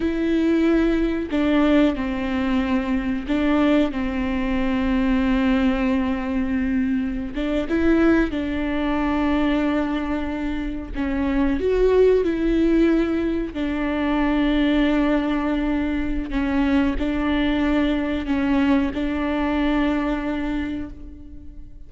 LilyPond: \new Staff \with { instrumentName = "viola" } { \time 4/4 \tempo 4 = 92 e'2 d'4 c'4~ | c'4 d'4 c'2~ | c'2.~ c'16 d'8 e'16~ | e'8. d'2.~ d'16~ |
d'8. cis'4 fis'4 e'4~ e'16~ | e'8. d'2.~ d'16~ | d'4 cis'4 d'2 | cis'4 d'2. | }